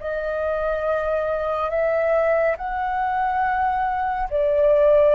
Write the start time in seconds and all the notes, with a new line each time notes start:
0.00 D#5
1.70 E5
2.58 F#5
4.31 D5